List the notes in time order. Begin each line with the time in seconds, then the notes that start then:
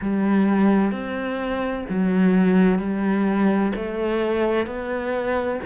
0.01 G3
0.91 C4
1.89 F#3
2.78 G3
3.75 A3
4.66 B3